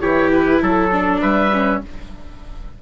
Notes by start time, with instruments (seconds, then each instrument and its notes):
0.00 bassoon E3, viola E4, trumpet G4, oboe C#5
0.32 oboe B4
0.62 bassoon F#3, oboe A4, trumpet A4
0.92 viola D4
1.21 bassoon G3, trumpet B4, oboe E5
1.52 viola C#4